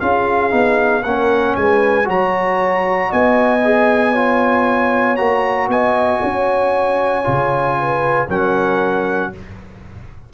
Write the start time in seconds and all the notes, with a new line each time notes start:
0.00 C#4 F4 G#4 F5
0.51 B3 D#4
1.03 A#3 C#4 A#4 F#5
1.56 G#3 B4 G#5
2.05 F#3 F#4 C#5 A#5
3.10 B3 D#5 G#5
3.65 G#4
4.13 F4 C#5
5.17 A#3 F#4 A#5
5.68 B3 D#5 G#5
6.23 C#4 C#5
7.24 C#3 F4
7.80 B4
8.27 F#3 C#4 A#4 F#5